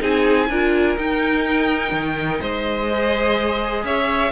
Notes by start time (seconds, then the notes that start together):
0.00 C4 D#4 G#4 G#5
0.49 D4 F4 A#4
0.98 D#4 G5
1.92 D#3
2.40 G#3 C5 D#5
2.90 G#4
3.84 C#4 C#5 E5